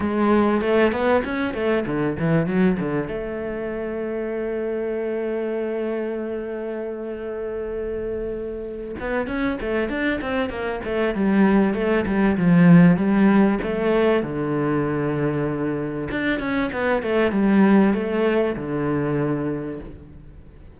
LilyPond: \new Staff \with { instrumentName = "cello" } { \time 4/4 \tempo 4 = 97 gis4 a8 b8 cis'8 a8 d8 e8 | fis8 d8 a2.~ | a1~ | a2~ a8 b8 cis'8 a8 |
d'8 c'8 ais8 a8 g4 a8 g8 | f4 g4 a4 d4~ | d2 d'8 cis'8 b8 a8 | g4 a4 d2 | }